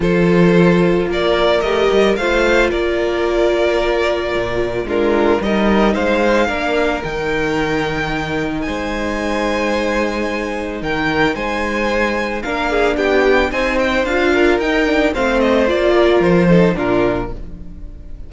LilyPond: <<
  \new Staff \with { instrumentName = "violin" } { \time 4/4 \tempo 4 = 111 c''2 d''4 dis''4 | f''4 d''2.~ | d''4 ais'4 dis''4 f''4~ | f''4 g''2. |
gis''1 | g''4 gis''2 f''4 | g''4 gis''8 g''8 f''4 g''4 | f''8 dis''8 d''4 c''4 ais'4 | }
  \new Staff \with { instrumentName = "violin" } { \time 4/4 a'2 ais'2 | c''4 ais'2.~ | ais'4 f'4 ais'4 c''4 | ais'1 |
c''1 | ais'4 c''2 ais'8 gis'8 | g'4 c''4. ais'4. | c''4. ais'4 a'8 f'4 | }
  \new Staff \with { instrumentName = "viola" } { \time 4/4 f'2. g'4 | f'1~ | f'4 d'4 dis'2 | d'4 dis'2.~ |
dis'1~ | dis'2. d'4~ | d'4 dis'4 f'4 dis'8 d'8 | c'4 f'4. dis'8 d'4 | }
  \new Staff \with { instrumentName = "cello" } { \time 4/4 f2 ais4 a8 g8 | a4 ais2. | ais,4 gis4 g4 gis4 | ais4 dis2. |
gis1 | dis4 gis2 ais4 | b4 c'4 d'4 dis'4 | a4 ais4 f4 ais,4 | }
>>